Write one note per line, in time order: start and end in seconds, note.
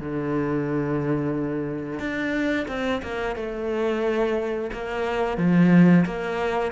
0.00 1.99 D3
1.99 2.67 D4
2.68 3.02 C4
3.03 3.36 A#3
3.36 4.70 A3
4.73 5.38 A#3
5.38 6.05 F3
6.05 6.72 A#3